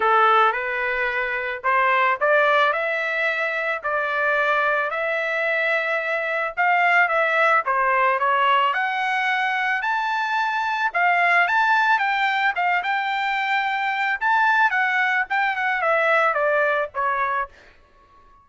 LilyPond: \new Staff \with { instrumentName = "trumpet" } { \time 4/4 \tempo 4 = 110 a'4 b'2 c''4 | d''4 e''2 d''4~ | d''4 e''2. | f''4 e''4 c''4 cis''4 |
fis''2 a''2 | f''4 a''4 g''4 f''8 g''8~ | g''2 a''4 fis''4 | g''8 fis''8 e''4 d''4 cis''4 | }